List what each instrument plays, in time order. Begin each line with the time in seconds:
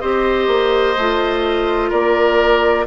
0.00 bassoon C4, clarinet G4, oboe C5, flute D#5
0.47 bassoon A#3
0.97 bassoon A3, clarinet F4
1.89 bassoon A#3, oboe A#4, flute D5